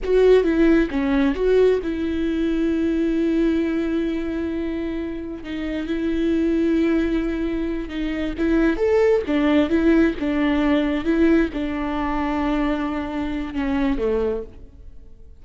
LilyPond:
\new Staff \with { instrumentName = "viola" } { \time 4/4 \tempo 4 = 133 fis'4 e'4 cis'4 fis'4 | e'1~ | e'1 | dis'4 e'2.~ |
e'4. dis'4 e'4 a'8~ | a'8 d'4 e'4 d'4.~ | d'8 e'4 d'2~ d'8~ | d'2 cis'4 a4 | }